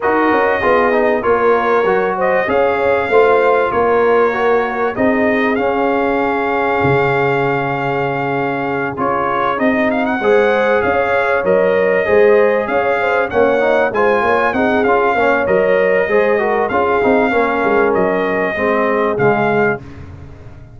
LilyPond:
<<
  \new Staff \with { instrumentName = "trumpet" } { \time 4/4 \tempo 4 = 97 dis''2 cis''4. dis''8 | f''2 cis''2 | dis''4 f''2.~ | f''2~ f''8 cis''4 dis''8 |
f''16 fis''4~ fis''16 f''4 dis''4.~ | dis''8 f''4 fis''4 gis''4 fis''8 | f''4 dis''2 f''4~ | f''4 dis''2 f''4 | }
  \new Staff \with { instrumentName = "horn" } { \time 4/4 ais'4 gis'4 ais'4. c''8 | cis''4 c''4 ais'2 | gis'1~ | gis'1~ |
gis'8 c''4 cis''2 c''8~ | c''8 cis''8 c''8 cis''4 c''8 cis''8 gis'8~ | gis'8 cis''4. c''8 ais'8 gis'4 | ais'2 gis'2 | }
  \new Staff \with { instrumentName = "trombone" } { \time 4/4 fis'4 f'8 dis'8 f'4 fis'4 | gis'4 f'2 fis'4 | dis'4 cis'2.~ | cis'2~ cis'8 f'4 dis'8~ |
dis'8 gis'2 ais'4 gis'8~ | gis'4. cis'8 dis'8 f'4 dis'8 | f'8 cis'8 ais'4 gis'8 fis'8 f'8 dis'8 | cis'2 c'4 gis4 | }
  \new Staff \with { instrumentName = "tuba" } { \time 4/4 dis'8 cis'8 b4 ais4 fis4 | cis'4 a4 ais2 | c'4 cis'2 cis4~ | cis2~ cis8 cis'4 c'8~ |
c'8 gis4 cis'4 fis4 gis8~ | gis8 cis'4 ais4 gis8 ais8 c'8 | cis'8 ais8 fis4 gis4 cis'8 c'8 | ais8 gis8 fis4 gis4 cis4 | }
>>